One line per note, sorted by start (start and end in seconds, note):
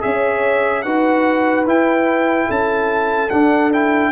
0.00 0.85 C#4
0.00 0.82 G#4
0.00 0.85 C#5
0.00 0.82 E5
0.82 1.66 D#4
0.82 1.66 F#4
0.82 2.47 B4
0.82 1.64 F#5
1.66 2.48 E4
1.66 3.30 E4
1.66 2.51 G5
2.47 3.32 C#4
2.47 4.11 A4
2.47 3.30 A5
3.30 3.72 D4
3.30 4.12 D4
3.30 3.71 F#5
3.72 4.12 E4
3.72 4.12 G5